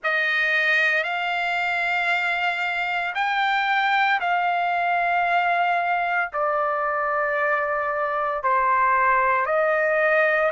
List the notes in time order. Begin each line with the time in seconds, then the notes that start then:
0.03 D#5
1.03 F5
3.14 G5
4.20 F5
6.33 D5
8.43 C5
9.45 D#5